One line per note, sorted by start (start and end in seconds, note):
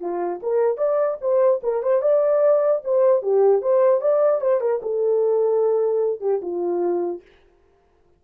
0.00 0.40 F4
0.42 0.77 A#4
0.77 1.17 D5
1.21 1.61 C5
1.63 1.82 A#4
1.82 2.01 C5
2.01 2.81 D5
2.84 3.22 C5
3.22 3.61 G4
3.61 4.01 C5
4.01 4.41 D5
4.41 4.60 C5
4.60 4.80 A#4
4.82 6.20 A4
6.20 6.40 G4
6.42 7.22 F4